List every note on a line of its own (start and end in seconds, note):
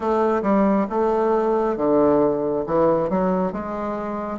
0.00 0.42 A3
0.42 0.86 G3
0.89 1.76 A3
1.76 2.65 D3
2.66 3.09 E3
3.09 3.52 F#3
3.52 4.39 G#3